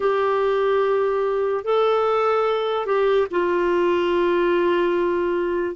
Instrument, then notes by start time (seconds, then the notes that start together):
clarinet
0.00 G4
1.64 A4
2.86 G4
3.31 F4